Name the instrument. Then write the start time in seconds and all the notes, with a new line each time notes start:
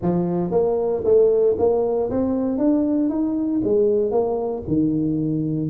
tuba
0.02 F3
0.51 A#3
1.04 A3
1.58 A#3
2.10 C4
2.58 D4
3.09 D#4
3.64 G#3
4.11 A#3
4.67 D#3